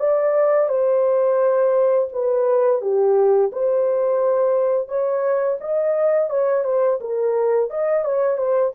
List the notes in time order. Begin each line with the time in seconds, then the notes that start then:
0.00 D5
0.69 C5
2.13 B4
2.82 G4
3.53 C5
4.88 C#5
5.61 D#5
6.30 C#5
6.65 C5
7.01 A#4
7.70 D#5
8.05 C#5
8.38 C5